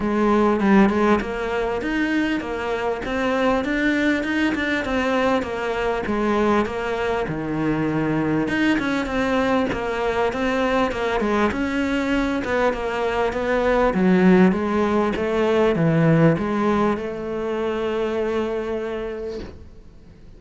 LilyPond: \new Staff \with { instrumentName = "cello" } { \time 4/4 \tempo 4 = 99 gis4 g8 gis8 ais4 dis'4 | ais4 c'4 d'4 dis'8 d'8 | c'4 ais4 gis4 ais4 | dis2 dis'8 cis'8 c'4 |
ais4 c'4 ais8 gis8 cis'4~ | cis'8 b8 ais4 b4 fis4 | gis4 a4 e4 gis4 | a1 | }